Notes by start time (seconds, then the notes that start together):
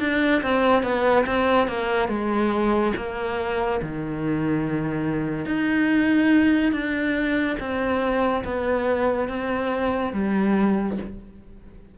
0.00 D4
0.42 C4
0.83 B3
1.26 C4
1.68 A#3
2.08 G#3
2.96 A#3
3.82 D#3
5.45 D#4
6.72 D4
7.60 C4
8.44 B3
9.28 C4
10.13 G3